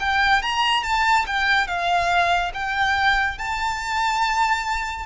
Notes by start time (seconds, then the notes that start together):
0.00 G5
0.42 A#5
0.83 A5
1.26 G5
1.67 F5
2.54 G5
3.38 A5